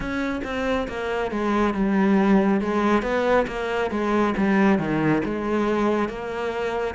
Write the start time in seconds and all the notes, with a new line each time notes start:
0.00 C#4
0.43 C4
0.88 A#3
1.31 G#3
1.74 G3
2.60 G#3
3.02 B3
3.47 A#3
3.90 G#3
4.37 G3
4.78 D#3
5.25 G#3
6.08 A#3